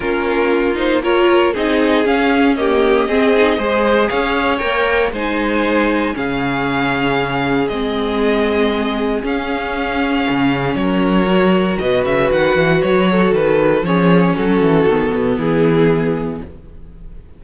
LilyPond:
<<
  \new Staff \with { instrumentName = "violin" } { \time 4/4 \tempo 4 = 117 ais'4. c''8 cis''4 dis''4 | f''4 dis''2. | f''4 g''4 gis''2 | f''2. dis''4~ |
dis''2 f''2~ | f''4 cis''2 dis''8 e''8 | fis''4 cis''4 b'4 cis''4 | a'2 gis'2 | }
  \new Staff \with { instrumentName = "violin" } { \time 4/4 f'2 ais'4 gis'4~ | gis'4 g'4 gis'4 c''4 | cis''2 c''2 | gis'1~ |
gis'1~ | gis'4 ais'2 b'4~ | b'4. a'4. gis'4 | fis'2 e'2 | }
  \new Staff \with { instrumentName = "viola" } { \time 4/4 cis'4. dis'8 f'4 dis'4 | cis'4 ais4 c'8 dis'8 gis'4~ | gis'4 ais'4 dis'2 | cis'2. c'4~ |
c'2 cis'2~ | cis'2 fis'2~ | fis'2. cis'4~ | cis'4 b2. | }
  \new Staff \with { instrumentName = "cello" } { \time 4/4 ais2. c'4 | cis'2 c'4 gis4 | cis'4 ais4 gis2 | cis2. gis4~ |
gis2 cis'2 | cis4 fis2 b,8 cis8 | dis8 e8 fis4 dis4 f4 | fis8 e8 dis8 b,8 e2 | }
>>